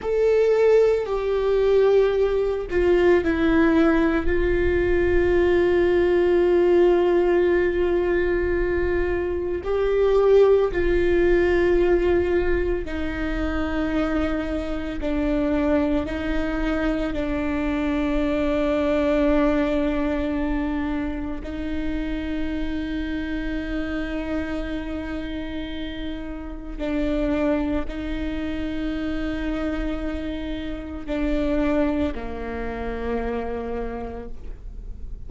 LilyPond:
\new Staff \with { instrumentName = "viola" } { \time 4/4 \tempo 4 = 56 a'4 g'4. f'8 e'4 | f'1~ | f'4 g'4 f'2 | dis'2 d'4 dis'4 |
d'1 | dis'1~ | dis'4 d'4 dis'2~ | dis'4 d'4 ais2 | }